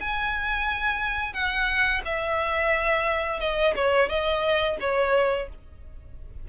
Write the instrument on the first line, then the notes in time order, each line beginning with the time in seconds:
violin
0.00 G#5
1.33 F#5
2.05 E5
3.39 D#5
3.76 C#5
4.08 D#5
4.80 C#5